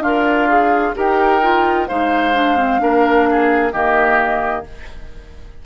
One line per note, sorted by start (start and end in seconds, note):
0.00 0.92 D4
0.00 0.95 F4
0.00 0.49 A#4
0.00 0.95 F5
0.49 0.95 G#4
0.95 1.90 D#4
0.95 1.42 G4
0.95 1.88 A#4
0.95 1.87 G5
1.42 1.88 F4
1.87 2.81 G#3
1.87 2.34 D#4
1.87 2.81 C5
1.87 3.72 F5
2.34 2.57 D4
2.57 2.79 C4
2.79 3.73 A#3
2.79 3.72 D4
2.79 3.29 A#4
3.31 3.73 G#4
3.72 4.66 D#3
3.72 4.65 A#3
3.72 4.65 G4
3.72 4.64 D#5